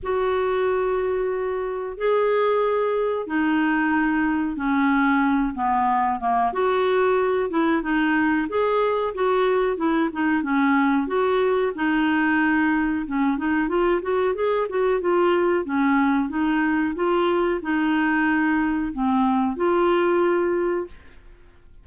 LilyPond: \new Staff \with { instrumentName = "clarinet" } { \time 4/4 \tempo 4 = 92 fis'2. gis'4~ | gis'4 dis'2 cis'4~ | cis'8 b4 ais8 fis'4. e'8 | dis'4 gis'4 fis'4 e'8 dis'8 |
cis'4 fis'4 dis'2 | cis'8 dis'8 f'8 fis'8 gis'8 fis'8 f'4 | cis'4 dis'4 f'4 dis'4~ | dis'4 c'4 f'2 | }